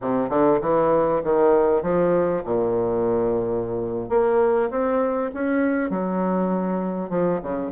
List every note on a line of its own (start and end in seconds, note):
0.01 0.29 C3
0.29 0.59 D3
0.61 1.21 E3
1.23 1.82 D#3
1.82 2.42 F3
2.44 4.09 A#2
4.09 4.69 A#3
4.70 5.31 C4
5.33 5.90 C#4
5.90 7.09 F#3
7.09 7.39 F3
7.42 7.71 C#3